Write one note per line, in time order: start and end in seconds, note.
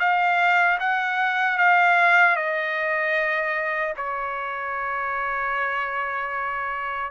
0.00 0.79 F5
0.80 1.59 F#5
1.59 2.36 F5
2.36 3.94 D#5
3.97 7.12 C#5